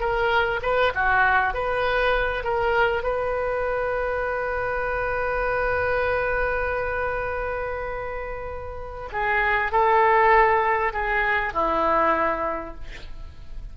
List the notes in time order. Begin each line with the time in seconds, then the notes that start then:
0.00 A#4
0.63 B4
0.95 F#4
1.54 B4
2.44 A#4
3.03 B4
9.12 G#4
9.72 A4
10.93 G#4
11.54 E4